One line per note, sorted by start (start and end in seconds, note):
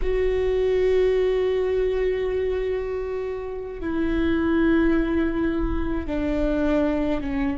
0.01 3.80 F#4
3.80 6.07 E4
6.07 7.20 D4
7.20 7.58 C#4